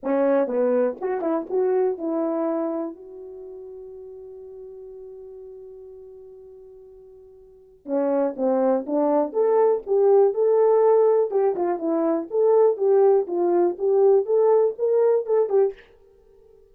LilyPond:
\new Staff \with { instrumentName = "horn" } { \time 4/4 \tempo 4 = 122 cis'4 b4 fis'8 e'8 fis'4 | e'2 fis'2~ | fis'1~ | fis'1 |
cis'4 c'4 d'4 a'4 | g'4 a'2 g'8 f'8 | e'4 a'4 g'4 f'4 | g'4 a'4 ais'4 a'8 g'8 | }